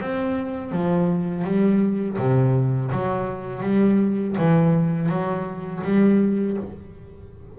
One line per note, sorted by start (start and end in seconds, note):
0.00 0.71 C4
0.71 1.44 F3
1.44 2.17 G3
2.18 2.91 C3
2.91 3.63 F#3
3.63 4.36 G3
4.38 5.09 E3
5.09 5.82 F#3
5.83 6.57 G3